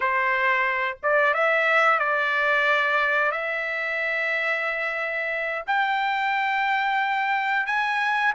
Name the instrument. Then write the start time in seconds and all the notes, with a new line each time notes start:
trumpet
0.00 C5
1.02 D5
1.34 E5
1.99 D5
3.31 E5
5.67 G5
7.66 G#5